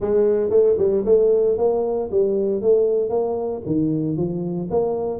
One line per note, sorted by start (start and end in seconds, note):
0.00 0.50 G#3
0.50 0.76 A3
0.78 1.04 G3
1.05 1.57 A3
1.57 2.10 A#3
2.11 2.61 G3
2.61 3.09 A3
3.09 3.61 A#3
3.65 4.16 D#3
4.16 4.69 F3
4.70 5.19 A#3